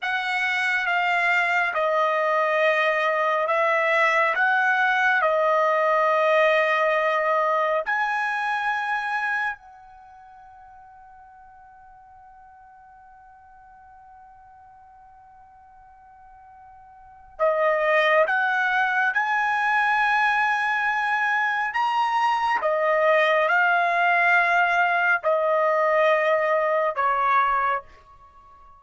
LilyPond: \new Staff \with { instrumentName = "trumpet" } { \time 4/4 \tempo 4 = 69 fis''4 f''4 dis''2 | e''4 fis''4 dis''2~ | dis''4 gis''2 fis''4~ | fis''1~ |
fis''1 | dis''4 fis''4 gis''2~ | gis''4 ais''4 dis''4 f''4~ | f''4 dis''2 cis''4 | }